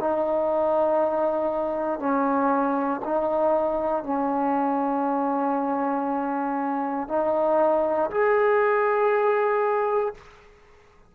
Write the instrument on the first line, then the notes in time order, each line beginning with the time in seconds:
trombone
0.00 D#4
1.99 C#4
3.05 D#4
4.04 C#4
7.09 D#4
8.11 G#4